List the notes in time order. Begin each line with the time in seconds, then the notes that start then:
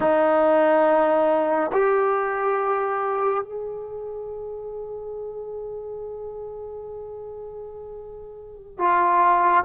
0.00 D#4
1.73 G4
3.43 G#4
8.78 F4